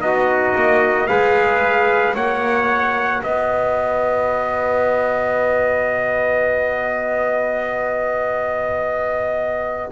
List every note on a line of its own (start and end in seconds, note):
0.00 0.54 B3
0.00 1.07 D#4
0.00 1.08 F#4
0.00 1.07 D#5
0.55 1.09 A#3
1.07 2.15 G#3
1.07 2.14 G#4
1.07 2.15 B4
1.07 2.14 F5
2.14 3.22 A#3
2.14 9.91 F#4
2.14 3.22 C#5
2.14 3.23 F#5
3.22 9.92 B3
3.22 9.91 B4
3.22 9.92 D#5